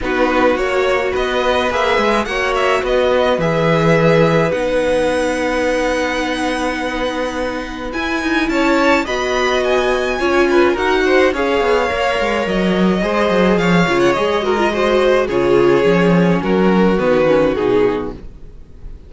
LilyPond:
<<
  \new Staff \with { instrumentName = "violin" } { \time 4/4 \tempo 4 = 106 b'4 cis''4 dis''4 e''4 | fis''8 e''8 dis''4 e''2 | fis''1~ | fis''2 gis''4 a''4 |
b''4 gis''2 fis''4 | f''2 dis''2 | f''8. fis''16 dis''2 cis''4~ | cis''4 ais'4 b'4 gis'4 | }
  \new Staff \with { instrumentName = "violin" } { \time 4/4 fis'2 b'2 | cis''4 b'2.~ | b'1~ | b'2. cis''4 |
dis''2 cis''8 b'8 ais'8 c''8 | cis''2. c''4 | cis''4. ais'8 c''4 gis'4~ | gis'4 fis'2. | }
  \new Staff \with { instrumentName = "viola" } { \time 4/4 dis'4 fis'2 gis'4 | fis'2 gis'2 | dis'1~ | dis'2 e'2 |
fis'2 f'4 fis'4 | gis'4 ais'2 gis'4~ | gis'8 f'8 gis'8 fis'16 f'16 fis'4 f'4 | cis'2 b8 cis'8 dis'4 | }
  \new Staff \with { instrumentName = "cello" } { \time 4/4 b4 ais4 b4 ais8 gis8 | ais4 b4 e2 | b1~ | b2 e'8 dis'8 cis'4 |
b2 cis'4 dis'4 | cis'8 b8 ais8 gis8 fis4 gis8 fis8 | f8 cis8 gis2 cis4 | f4 fis4 dis4 b,4 | }
>>